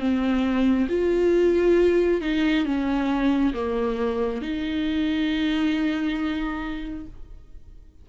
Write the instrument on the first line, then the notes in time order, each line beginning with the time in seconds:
viola
0.00 C4
0.89 F4
2.21 D#4
2.66 C#4
3.54 A#3
4.42 D#4